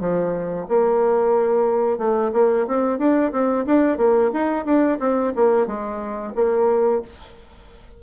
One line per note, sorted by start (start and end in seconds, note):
0.00 0.67 F3
0.68 1.98 A#3
1.98 2.31 A3
2.33 2.66 A#3
2.67 2.98 C4
2.98 3.32 D4
3.32 3.65 C4
3.66 3.98 D4
3.98 4.31 A#3
4.33 4.65 D#4
4.65 4.98 D4
4.99 5.33 C4
5.36 5.67 A#3
5.67 6.33 G#3
6.35 7.02 A#3